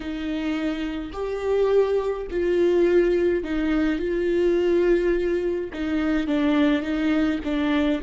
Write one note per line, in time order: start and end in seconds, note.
0.00 1.11 D#4
1.12 2.27 G4
2.30 3.43 F4
3.43 3.98 D#4
3.98 5.70 F4
5.73 6.27 D#4
6.27 6.82 D4
6.82 7.39 D#4
7.44 8.01 D4